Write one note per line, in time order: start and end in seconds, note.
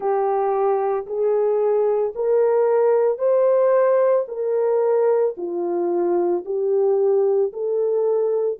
0.00 1.06 G4
1.06 2.13 G#4
2.15 3.18 A#4
3.18 4.25 C5
4.28 5.35 A#4
5.37 6.44 F4
6.45 7.52 G4
7.52 8.59 A4